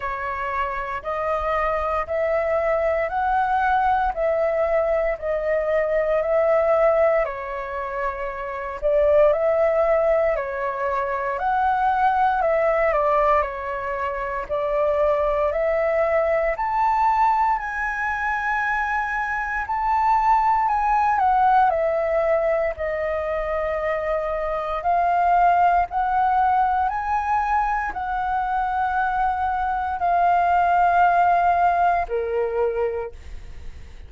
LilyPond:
\new Staff \with { instrumentName = "flute" } { \time 4/4 \tempo 4 = 58 cis''4 dis''4 e''4 fis''4 | e''4 dis''4 e''4 cis''4~ | cis''8 d''8 e''4 cis''4 fis''4 | e''8 d''8 cis''4 d''4 e''4 |
a''4 gis''2 a''4 | gis''8 fis''8 e''4 dis''2 | f''4 fis''4 gis''4 fis''4~ | fis''4 f''2 ais'4 | }